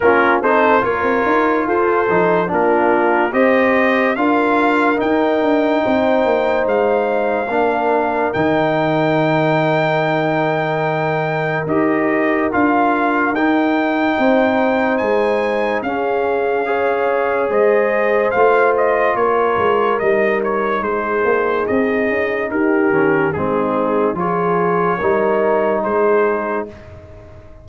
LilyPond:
<<
  \new Staff \with { instrumentName = "trumpet" } { \time 4/4 \tempo 4 = 72 ais'8 c''8 cis''4 c''4 ais'4 | dis''4 f''4 g''2 | f''2 g''2~ | g''2 dis''4 f''4 |
g''2 gis''4 f''4~ | f''4 dis''4 f''8 dis''8 cis''4 | dis''8 cis''8 c''4 dis''4 ais'4 | gis'4 cis''2 c''4 | }
  \new Staff \with { instrumentName = "horn" } { \time 4/4 f'8 a'8 ais'4 a'4 f'4 | c''4 ais'2 c''4~ | c''4 ais'2.~ | ais'1~ |
ais'4 c''2 gis'4 | cis''4 c''2 ais'4~ | ais'4 gis'2 g'4 | dis'4 gis'4 ais'4 gis'4 | }
  \new Staff \with { instrumentName = "trombone" } { \time 4/4 cis'8 dis'8 f'4. dis'8 d'4 | g'4 f'4 dis'2~ | dis'4 d'4 dis'2~ | dis'2 g'4 f'4 |
dis'2. cis'4 | gis'2 f'2 | dis'2.~ dis'8 cis'8 | c'4 f'4 dis'2 | }
  \new Staff \with { instrumentName = "tuba" } { \time 4/4 ais8 c'8 ais16 c'16 dis'8 f'8 f8 ais4 | c'4 d'4 dis'8 d'8 c'8 ais8 | gis4 ais4 dis2~ | dis2 dis'4 d'4 |
dis'4 c'4 gis4 cis'4~ | cis'4 gis4 a4 ais8 gis8 | g4 gis8 ais8 c'8 cis'8 dis'8 dis8 | gis4 f4 g4 gis4 | }
>>